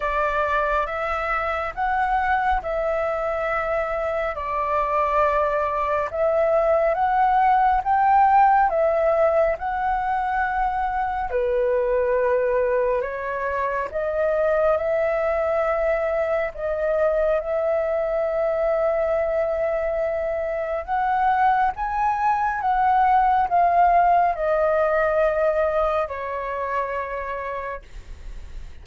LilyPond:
\new Staff \with { instrumentName = "flute" } { \time 4/4 \tempo 4 = 69 d''4 e''4 fis''4 e''4~ | e''4 d''2 e''4 | fis''4 g''4 e''4 fis''4~ | fis''4 b'2 cis''4 |
dis''4 e''2 dis''4 | e''1 | fis''4 gis''4 fis''4 f''4 | dis''2 cis''2 | }